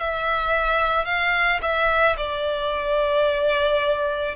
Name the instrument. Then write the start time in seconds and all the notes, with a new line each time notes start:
violin
0.00 E5
1.05 F5
1.62 E5
2.17 D5